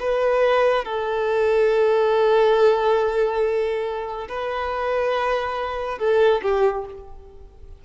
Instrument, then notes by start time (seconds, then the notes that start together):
violin
0.00 B4
0.85 A4
4.29 B4
5.98 A4
6.42 G4